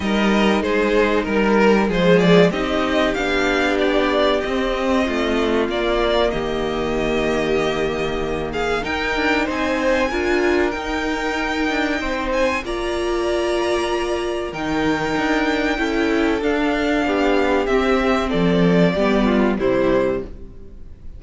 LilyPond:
<<
  \new Staff \with { instrumentName = "violin" } { \time 4/4 \tempo 4 = 95 dis''4 c''4 ais'4 c''8 d''8 | dis''4 f''4 d''4 dis''4~ | dis''4 d''4 dis''2~ | dis''4. f''8 g''4 gis''4~ |
gis''4 g''2~ g''8 gis''8 | ais''2. g''4~ | g''2 f''2 | e''4 d''2 c''4 | }
  \new Staff \with { instrumentName = "violin" } { \time 4/4 ais'4 gis'4 ais'4 gis'4 | g'1 | f'2 g'2~ | g'4. gis'8 ais'4 c''4 |
ais'2. c''4 | d''2. ais'4~ | ais'4 a'2 g'4~ | g'4 a'4 g'8 f'8 e'4 | }
  \new Staff \with { instrumentName = "viola" } { \time 4/4 dis'2. gis4 | dis'4 d'2 c'4~ | c'4 ais2.~ | ais2 dis'2 |
f'4 dis'2. | f'2. dis'4~ | dis'4 e'4 d'2 | c'2 b4 g4 | }
  \new Staff \with { instrumentName = "cello" } { \time 4/4 g4 gis4 g4 f4 | c'4 b2 c'4 | a4 ais4 dis2~ | dis2 dis'8 d'8 c'4 |
d'4 dis'4. d'8 c'4 | ais2. dis4 | d'4 cis'4 d'4 b4 | c'4 f4 g4 c4 | }
>>